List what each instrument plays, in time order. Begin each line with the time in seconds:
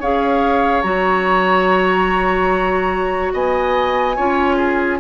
0.00 bassoon C#4, clarinet G#4, oboe C#5, flute F5
0.82 bassoon F#3, clarinet F#4, flute A#5
3.33 bassoon B3, oboe D#5, flute G#5
4.16 bassoon C#4, clarinet F4, oboe C#5
4.56 oboe G#4